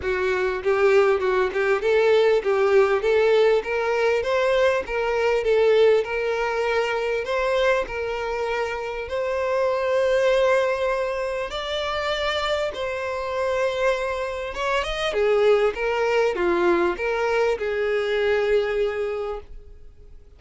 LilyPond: \new Staff \with { instrumentName = "violin" } { \time 4/4 \tempo 4 = 99 fis'4 g'4 fis'8 g'8 a'4 | g'4 a'4 ais'4 c''4 | ais'4 a'4 ais'2 | c''4 ais'2 c''4~ |
c''2. d''4~ | d''4 c''2. | cis''8 dis''8 gis'4 ais'4 f'4 | ais'4 gis'2. | }